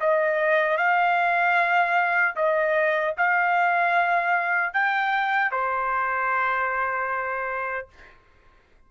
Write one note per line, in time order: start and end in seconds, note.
0.00 0.77 D#5
0.77 2.35 F5
2.35 3.14 D#5
3.17 4.73 F5
4.73 5.51 G5
5.51 7.88 C5